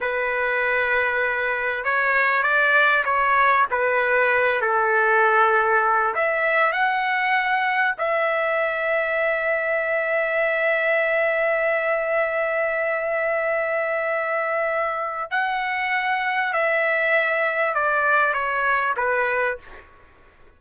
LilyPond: \new Staff \with { instrumentName = "trumpet" } { \time 4/4 \tempo 4 = 98 b'2. cis''4 | d''4 cis''4 b'4. a'8~ | a'2 e''4 fis''4~ | fis''4 e''2.~ |
e''1~ | e''1~ | e''4 fis''2 e''4~ | e''4 d''4 cis''4 b'4 | }